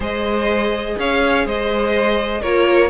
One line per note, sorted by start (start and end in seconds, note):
0.00 0.94 G#3
0.00 2.40 G#4
0.00 0.96 C5
0.00 0.99 D#5
0.98 1.46 C#4
0.98 1.46 C#5
0.98 1.47 F5
1.46 2.43 G#3
1.46 2.41 C5
1.46 2.42 D#5
2.41 2.89 A#3
2.41 2.89 F4
2.41 2.89 A#4
2.41 2.89 C#5